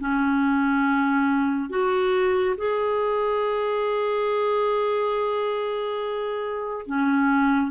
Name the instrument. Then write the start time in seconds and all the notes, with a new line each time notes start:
clarinet
0.00 C#4
1.70 F#4
2.58 G#4
6.87 C#4